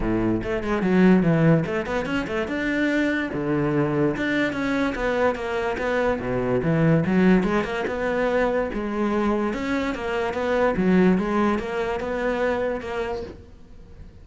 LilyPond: \new Staff \with { instrumentName = "cello" } { \time 4/4 \tempo 4 = 145 a,4 a8 gis8 fis4 e4 | a8 b8 cis'8 a8 d'2 | d2 d'4 cis'4 | b4 ais4 b4 b,4 |
e4 fis4 gis8 ais8 b4~ | b4 gis2 cis'4 | ais4 b4 fis4 gis4 | ais4 b2 ais4 | }